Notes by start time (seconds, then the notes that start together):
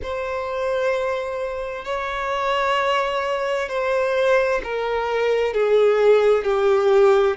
0.02 C5
1.85 C#5
3.68 C5
4.63 A#4
5.53 G#4
6.44 G4